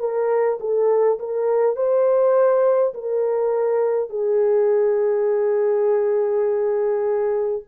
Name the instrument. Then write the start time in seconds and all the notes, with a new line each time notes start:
horn
0.00 A#4
0.60 A4
1.20 A#4
1.76 C5
2.95 A#4
4.10 G#4